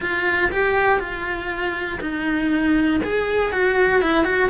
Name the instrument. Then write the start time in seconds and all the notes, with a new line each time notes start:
cello
0.00 F4
0.51 G4
0.99 F4
2.00 D#4
3.03 G#4
3.52 F#4
4.01 E4
4.24 F#4